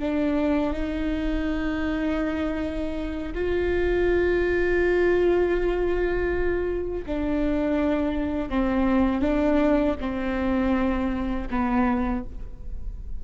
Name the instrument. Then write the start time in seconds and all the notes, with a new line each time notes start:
viola
0.00 D4
0.74 D#4
3.35 F4
7.07 D4
8.50 C4
9.22 D4
10.01 C4
11.51 B3